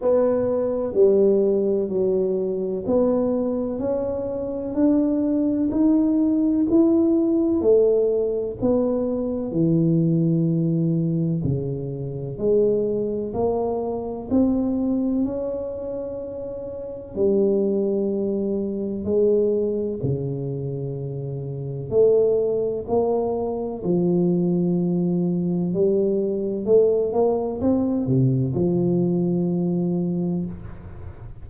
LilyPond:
\new Staff \with { instrumentName = "tuba" } { \time 4/4 \tempo 4 = 63 b4 g4 fis4 b4 | cis'4 d'4 dis'4 e'4 | a4 b4 e2 | cis4 gis4 ais4 c'4 |
cis'2 g2 | gis4 cis2 a4 | ais4 f2 g4 | a8 ais8 c'8 c8 f2 | }